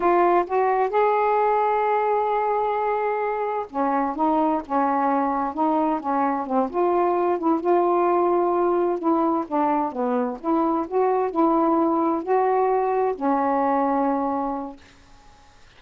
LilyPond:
\new Staff \with { instrumentName = "saxophone" } { \time 4/4 \tempo 4 = 130 f'4 fis'4 gis'2~ | gis'1 | cis'4 dis'4 cis'2 | dis'4 cis'4 c'8 f'4. |
e'8 f'2. e'8~ | e'8 d'4 b4 e'4 fis'8~ | fis'8 e'2 fis'4.~ | fis'8 cis'2.~ cis'8 | }